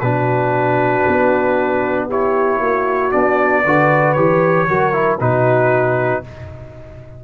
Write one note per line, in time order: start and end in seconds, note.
0.00 1.05 B2
0.00 2.09 D4
0.00 2.09 F#4
0.00 2.07 B4
1.07 2.60 B3
2.09 3.12 E4
2.09 2.59 G4
2.09 3.12 C#5
2.59 3.12 A#3
2.59 3.63 F#4
3.12 3.65 B3
3.12 3.64 D4
3.12 4.13 D5
3.65 4.16 D3
3.65 4.16 F#4
3.65 4.68 B4
4.13 4.68 E3
4.13 4.67 G4
4.13 5.16 C#5
4.68 5.20 F#3
4.68 4.92 F#4
4.68 5.19 A#4
4.92 5.18 E4
5.19 6.23 B2
5.19 6.23 D#4
5.19 6.23 F#4
5.19 6.24 B4